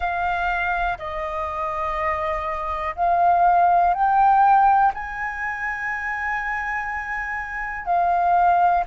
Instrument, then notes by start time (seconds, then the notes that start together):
flute
0.00 F5
0.98 D#5
2.95 F5
3.93 G5
4.94 G#5
7.85 F5